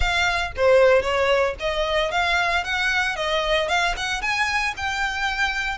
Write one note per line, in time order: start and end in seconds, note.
0.00 0.51 F5
0.56 1.01 C5
1.01 1.54 C#5
1.59 2.11 D#5
2.11 2.63 F5
2.64 3.16 F#5
3.16 3.68 D#5
3.68 3.94 F5
3.96 4.21 F#5
4.21 4.74 G#5
4.77 5.78 G5